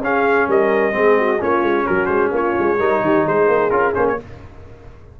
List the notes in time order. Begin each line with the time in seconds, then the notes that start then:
0.00 C#4 G#4 F5
0.48 G3 A#4 D#5
0.92 G#3 C4 G#4
1.18 F#4
1.40 A#3 C#4 F4 C#5
1.62 G#3
1.85 F#3 F#4 A#4
2.05 G#3 C5
2.31 A#3 F4 C#5
2.58 G#3
2.78 G3 D#4 A#4
3.01 D#3 G4
3.26 G#3 G#4 C5
3.47 A#3
3.70 C#4 F4 A#4
3.93 A#3 C#4 C5
4.08 C#5